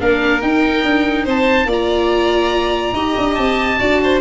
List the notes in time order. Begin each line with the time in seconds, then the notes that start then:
0.00 A#3 D4 A#4 F5
0.41 D#4 G5
0.83 D4
1.24 C4 C5 A5
1.65 A#3 F4 D5
1.72 A#5
2.92 D#4 G4 D#5
3.17 D4
3.35 C4 A5
3.78 D4 F#4 D5
4.03 C5